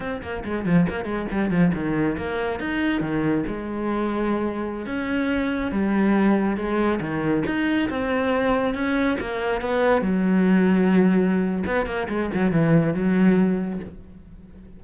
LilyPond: \new Staff \with { instrumentName = "cello" } { \time 4/4 \tempo 4 = 139 c'8 ais8 gis8 f8 ais8 gis8 g8 f8 | dis4 ais4 dis'4 dis4 | gis2.~ gis16 cis'8.~ | cis'4~ cis'16 g2 gis8.~ |
gis16 dis4 dis'4 c'4.~ c'16~ | c'16 cis'4 ais4 b4 fis8.~ | fis2. b8 ais8 | gis8 fis8 e4 fis2 | }